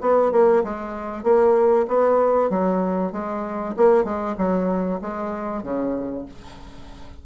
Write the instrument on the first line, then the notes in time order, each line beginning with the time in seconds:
bassoon
0.00 B3
0.31 A#3
0.63 G#3
1.23 A#3
1.87 B3
2.49 F#3
3.12 G#3
3.76 A#3
4.04 G#3
4.38 F#3
5.01 G#3
5.62 C#3